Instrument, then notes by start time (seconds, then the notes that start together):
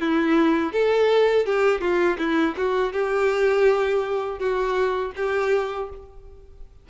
violin
0.00 E4
0.73 A4
1.46 G4
1.81 F4
2.18 E4
2.57 F#4
2.93 G4
4.39 F#4
5.16 G4